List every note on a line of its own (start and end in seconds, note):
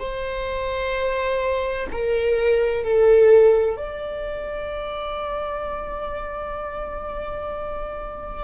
0.00 1.87 C5
1.93 2.84 A#4
2.84 3.77 A4
3.77 8.45 D5